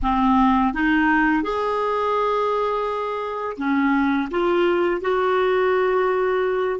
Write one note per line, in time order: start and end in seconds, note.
0.02 0.73 C4
0.73 1.42 D#4
1.42 3.56 G#4
3.57 4.29 C#4
4.30 5.01 F4
5.01 6.80 F#4